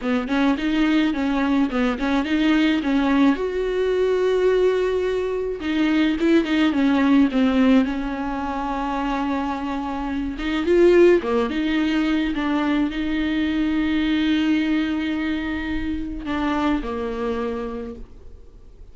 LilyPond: \new Staff \with { instrumentName = "viola" } { \time 4/4 \tempo 4 = 107 b8 cis'8 dis'4 cis'4 b8 cis'8 | dis'4 cis'4 fis'2~ | fis'2 dis'4 e'8 dis'8 | cis'4 c'4 cis'2~ |
cis'2~ cis'8 dis'8 f'4 | ais8 dis'4. d'4 dis'4~ | dis'1~ | dis'4 d'4 ais2 | }